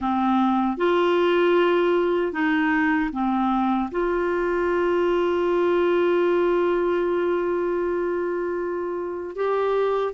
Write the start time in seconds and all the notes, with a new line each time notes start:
0.00 C4
0.77 F4
2.32 D#4
3.12 C4
3.91 F4
9.35 G4